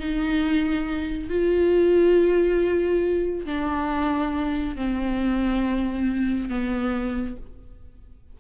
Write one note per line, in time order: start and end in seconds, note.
0.00 1.29 D#4
1.29 3.46 F4
3.46 4.76 D4
4.76 6.49 C4
6.49 7.36 B3